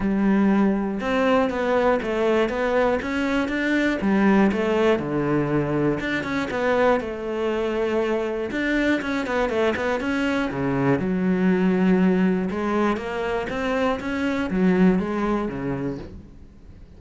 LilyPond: \new Staff \with { instrumentName = "cello" } { \time 4/4 \tempo 4 = 120 g2 c'4 b4 | a4 b4 cis'4 d'4 | g4 a4 d2 | d'8 cis'8 b4 a2~ |
a4 d'4 cis'8 b8 a8 b8 | cis'4 cis4 fis2~ | fis4 gis4 ais4 c'4 | cis'4 fis4 gis4 cis4 | }